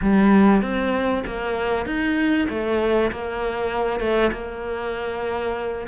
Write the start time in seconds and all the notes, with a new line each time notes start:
0.01 G3
0.62 C4
1.26 A#3
1.86 D#4
2.49 A3
3.11 A#3
4.00 A3
4.32 A#3